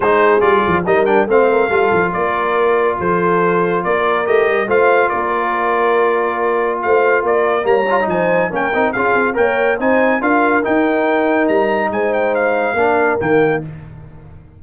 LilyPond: <<
  \new Staff \with { instrumentName = "trumpet" } { \time 4/4 \tempo 4 = 141 c''4 d''4 dis''8 g''8 f''4~ | f''4 d''2 c''4~ | c''4 d''4 dis''4 f''4 | d''1 |
f''4 d''4 ais''4 gis''4 | g''4 f''4 g''4 gis''4 | f''4 g''2 ais''4 | gis''8 g''8 f''2 g''4 | }
  \new Staff \with { instrumentName = "horn" } { \time 4/4 gis'2 ais'4 c''8 ais'8 | a'4 ais'2 a'4~ | a'4 ais'2 c''4 | ais'1 |
c''4 ais'4 cis''4 c''4 | ais'4 gis'4 cis''4 c''4 | ais'1 | c''2 ais'2 | }
  \new Staff \with { instrumentName = "trombone" } { \time 4/4 dis'4 f'4 dis'8 d'8 c'4 | f'1~ | f'2 g'4 f'4~ | f'1~ |
f'2 ais8 f'16 dis'4~ dis'16 | cis'8 dis'8 f'4 ais'4 dis'4 | f'4 dis'2.~ | dis'2 d'4 ais4 | }
  \new Staff \with { instrumentName = "tuba" } { \time 4/4 gis4 g8 f8 g4 a4 | g8 f8 ais2 f4~ | f4 ais4 a8 g8 a4 | ais1 |
a4 ais4 g4 f4 | ais8 c'8 cis'8 c'8 ais4 c'4 | d'4 dis'2 g4 | gis2 ais4 dis4 | }
>>